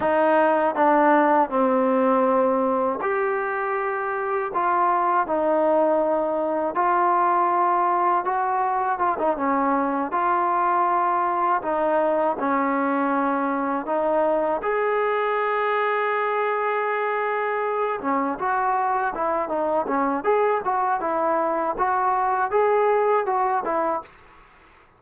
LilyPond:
\new Staff \with { instrumentName = "trombone" } { \time 4/4 \tempo 4 = 80 dis'4 d'4 c'2 | g'2 f'4 dis'4~ | dis'4 f'2 fis'4 | f'16 dis'16 cis'4 f'2 dis'8~ |
dis'8 cis'2 dis'4 gis'8~ | gis'1 | cis'8 fis'4 e'8 dis'8 cis'8 gis'8 fis'8 | e'4 fis'4 gis'4 fis'8 e'8 | }